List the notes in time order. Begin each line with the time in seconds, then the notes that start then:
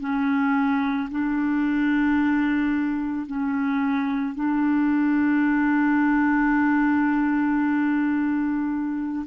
0.00 C#4
1.11 D4
3.27 C#4
4.35 D4